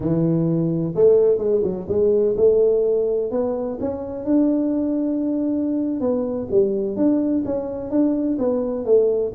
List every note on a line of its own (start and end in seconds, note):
0.00 0.93 E3
0.95 1.38 A3
1.38 1.61 G#3
1.63 1.87 F#3
1.88 2.35 G#3
2.36 3.31 A3
3.31 3.78 B3
3.80 4.24 C#4
4.24 6.00 D4
6.00 6.47 B3
6.50 6.96 G3
6.96 7.43 D4
7.45 7.90 C#4
7.90 8.37 D4
8.38 8.85 B3
8.85 9.32 A3